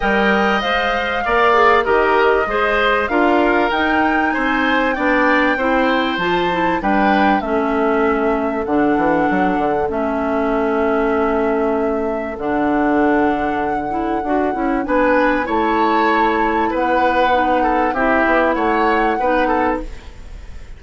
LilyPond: <<
  \new Staff \with { instrumentName = "flute" } { \time 4/4 \tempo 4 = 97 g''4 f''2 dis''4~ | dis''4 f''4 g''4 gis''4 | g''2 a''4 g''4 | e''2 fis''2 |
e''1 | fis''1 | gis''4 a''2 fis''4~ | fis''4 e''4 fis''2 | }
  \new Staff \with { instrumentName = "oboe" } { \time 4/4 dis''2 d''4 ais'4 | c''4 ais'2 c''4 | d''4 c''2 b'4 | a'1~ |
a'1~ | a'1 | b'4 cis''2 b'4~ | b'8 a'8 g'4 cis''4 b'8 a'8 | }
  \new Staff \with { instrumentName = "clarinet" } { \time 4/4 ais'4 c''4 ais'8 gis'8 g'4 | gis'4 f'4 dis'2 | d'4 e'4 f'8 e'8 d'4 | cis'2 d'2 |
cis'1 | d'2~ d'8 e'8 fis'8 e'8 | d'4 e'2. | dis'4 e'2 dis'4 | }
  \new Staff \with { instrumentName = "bassoon" } { \time 4/4 g4 gis4 ais4 dis4 | gis4 d'4 dis'4 c'4 | b4 c'4 f4 g4 | a2 d8 e8 fis8 d8 |
a1 | d2. d'8 cis'8 | b4 a2 b4~ | b4 c'8 b8 a4 b4 | }
>>